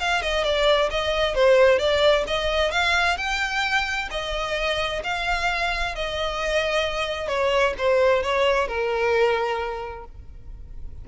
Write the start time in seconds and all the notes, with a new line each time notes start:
0.00 F5
0.22 D#5
0.44 D5
0.91 D#5
1.36 C5
1.79 D5
2.28 D#5
2.72 F5
3.18 G5
4.11 D#5
5.04 F5
5.96 D#5
7.29 C#5
7.79 C5
8.23 C#5
8.68 A#4